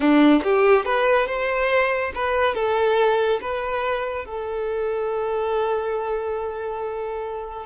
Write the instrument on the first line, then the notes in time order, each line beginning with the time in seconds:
violin
0.00 D4
0.43 G4
0.85 B4
1.27 C5
2.15 B4
2.54 A4
3.41 B4
4.25 A4